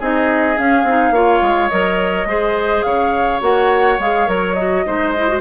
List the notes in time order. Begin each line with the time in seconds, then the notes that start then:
0.00 C4 D#4 G#4 D#5
0.56 C#4 F5
0.84 C4 D#4
1.11 A#3 F4 C#5
1.42 G#3
1.70 F#3 A#4 D#5
2.26 G#3 G#4 C5
2.83 C#3 C#5 F5
3.41 A#3 F#4 F#5
3.99 G#3 G#4 F5
4.27 F#3 A#4 C#5
4.54 F#4 D#5
4.86 G#3 D#4 C5
5.18 E4
5.29 F#4